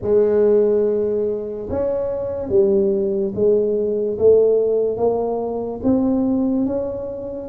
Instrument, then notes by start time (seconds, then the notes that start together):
tuba
0.02 G#3
1.70 C#4
2.49 G3
3.34 G#3
4.18 A3
4.97 A#3
5.83 C4
6.66 C#4